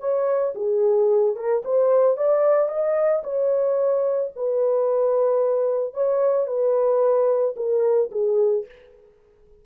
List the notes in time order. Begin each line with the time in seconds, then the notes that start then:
0.00 C#5
0.55 G#4
1.36 A#4
1.65 C5
2.17 D5
2.69 D#5
3.24 C#5
4.36 B4
5.94 C#5
6.47 B4
7.56 A#4
8.12 G#4